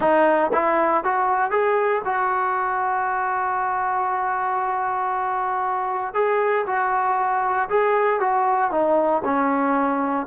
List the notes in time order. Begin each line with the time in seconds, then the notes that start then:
0.00 D#4
0.52 E4
1.04 F#4
1.50 G#4
2.04 F#4
6.14 G#4
6.66 F#4
7.69 G#4
8.20 F#4
8.71 D#4
9.24 C#4